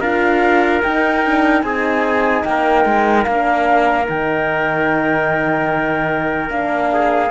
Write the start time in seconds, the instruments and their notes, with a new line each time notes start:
0.00 cello D4, horn F4, trumpet A#4, flute F5
0.82 horn D#4, cello D#4, flute G5
1.24 horn D4
1.62 cello C4, horn D#4, trumpet G#4, flute G#5
2.44 cello A#3, trumpet A#4, flute G5
2.85 cello G#3
3.24 cello A#3, horn D4, flute F5
4.05 cello D#3, horn D#4, flute G5
6.48 cello A#3, horn D4, flute F5
6.93 trumpet G#4